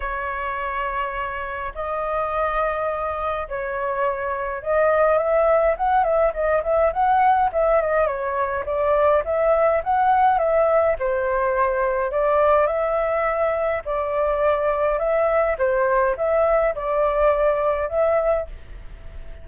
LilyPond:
\new Staff \with { instrumentName = "flute" } { \time 4/4 \tempo 4 = 104 cis''2. dis''4~ | dis''2 cis''2 | dis''4 e''4 fis''8 e''8 dis''8 e''8 | fis''4 e''8 dis''8 cis''4 d''4 |
e''4 fis''4 e''4 c''4~ | c''4 d''4 e''2 | d''2 e''4 c''4 | e''4 d''2 e''4 | }